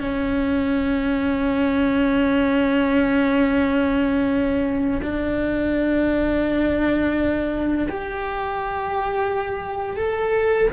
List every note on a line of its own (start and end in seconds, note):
0.00 5.00 C#4
5.02 7.88 D4
7.89 9.96 G4
9.96 10.68 A4